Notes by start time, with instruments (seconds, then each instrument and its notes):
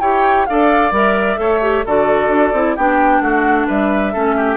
0.00 bassoon E4, clarinet G4, oboe C#5, flute G5
0.46 bassoon D4, clarinet A4, oboe D5, flute F5
0.91 bassoon G3, clarinet A#4, flute E5
1.37 bassoon A3, clarinet A4, oboe C#5
1.62 clarinet G4
1.85 bassoon D3, clarinet F#4, oboe A4, flute D5
2.28 bassoon D4
2.53 bassoon C4, clarinet E4
2.76 bassoon B3, clarinet D4, oboe G4, flute G5
3.21 bassoon A3, oboe F#4, flute F#5
3.67 bassoon G3, oboe B4, flute E5
4.12 bassoon A3, clarinet C#4, oboe A4
4.37 oboe G4